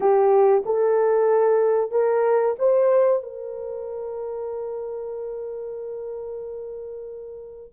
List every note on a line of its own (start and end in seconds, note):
0.00 0.63 G4
0.65 1.91 A4
1.91 2.55 A#4
2.58 3.23 C5
3.23 7.73 A#4